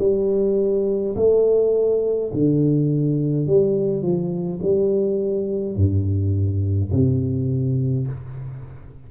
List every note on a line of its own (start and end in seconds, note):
0.00 1.15 G3
1.16 2.32 A3
2.34 3.47 D3
3.47 4.03 G3
4.03 4.60 F3
4.63 5.76 G3
5.76 6.92 G2
6.92 8.08 C3